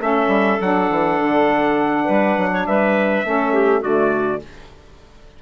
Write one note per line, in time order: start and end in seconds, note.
0.00 0.28 A3
0.00 0.59 C#4
0.00 2.05 A4
0.00 0.61 E5
0.28 0.57 G3
0.61 0.90 F#3
0.61 3.25 D4
0.61 2.66 F#5
0.90 1.19 E3
1.19 2.07 D3
2.05 2.38 G3
2.05 2.49 B4
2.38 2.67 F#3
2.52 2.67 C#5
2.66 3.25 G3
2.66 3.27 B4
2.66 3.83 E5
3.25 3.83 A3
3.25 3.81 C#4
3.25 3.53 A4
3.53 3.81 G4
3.81 4.42 D3
3.81 4.40 A3
3.81 4.39 F#4
3.81 4.42 D5